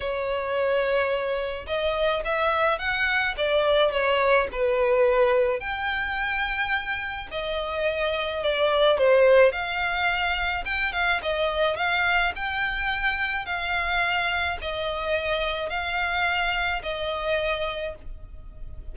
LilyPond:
\new Staff \with { instrumentName = "violin" } { \time 4/4 \tempo 4 = 107 cis''2. dis''4 | e''4 fis''4 d''4 cis''4 | b'2 g''2~ | g''4 dis''2 d''4 |
c''4 f''2 g''8 f''8 | dis''4 f''4 g''2 | f''2 dis''2 | f''2 dis''2 | }